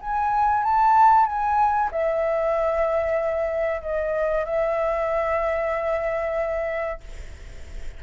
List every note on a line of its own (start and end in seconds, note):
0.00 0.64 G#5
0.64 1.26 A5
1.26 1.90 G#5
1.91 3.81 E5
3.81 4.45 D#5
4.45 7.00 E5